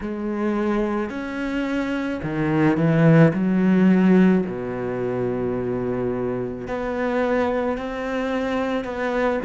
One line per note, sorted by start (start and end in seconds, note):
0.00 1.09 G#3
1.09 2.20 C#4
2.22 2.77 D#3
2.77 3.32 E3
3.33 4.44 F#3
4.46 6.67 B2
6.67 7.77 B3
7.77 8.84 C4
8.84 9.39 B3